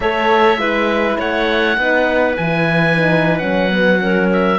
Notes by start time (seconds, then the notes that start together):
0.00 A3 A4 C#5 E5
0.57 G#3 E4 B4
1.18 A3 C#5 F#5
1.77 B3 D#4 B4
2.36 E3 E4 G#5
2.96 D#4
3.38 F#3 C#4 F#5
3.69 B3
3.99 C#4 A#4
4.32 E5